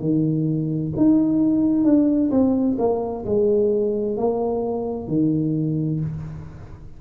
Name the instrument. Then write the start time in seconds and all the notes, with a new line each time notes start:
tuba
0.00 D#3
0.97 D#4
1.85 D4
2.31 C4
2.79 A#3
3.26 G#3
4.17 A#3
5.09 D#3